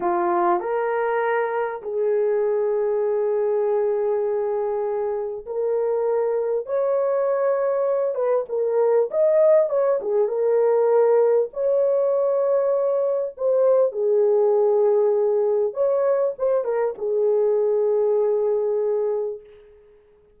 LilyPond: \new Staff \with { instrumentName = "horn" } { \time 4/4 \tempo 4 = 99 f'4 ais'2 gis'4~ | gis'1~ | gis'4 ais'2 cis''4~ | cis''4. b'8 ais'4 dis''4 |
cis''8 gis'8 ais'2 cis''4~ | cis''2 c''4 gis'4~ | gis'2 cis''4 c''8 ais'8 | gis'1 | }